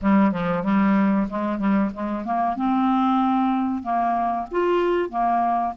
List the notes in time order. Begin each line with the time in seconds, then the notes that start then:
0.01 G3
0.31 F3
0.63 G3
1.29 G#3
1.58 G3
1.93 G#3
2.24 A#3
2.56 C4
3.83 A#3
4.51 F4
5.09 A#3